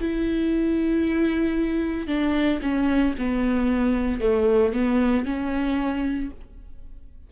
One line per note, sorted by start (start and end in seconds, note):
0.00 2.07 E4
2.07 2.60 D4
2.62 3.14 C#4
3.18 4.20 B3
4.20 4.73 A3
4.73 5.25 B3
5.25 6.31 C#4